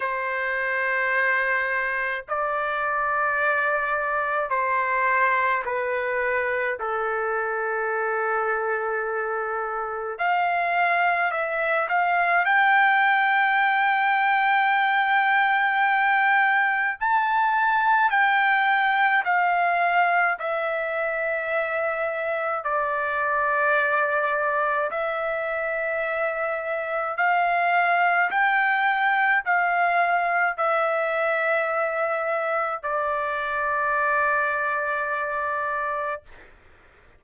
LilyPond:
\new Staff \with { instrumentName = "trumpet" } { \time 4/4 \tempo 4 = 53 c''2 d''2 | c''4 b'4 a'2~ | a'4 f''4 e''8 f''8 g''4~ | g''2. a''4 |
g''4 f''4 e''2 | d''2 e''2 | f''4 g''4 f''4 e''4~ | e''4 d''2. | }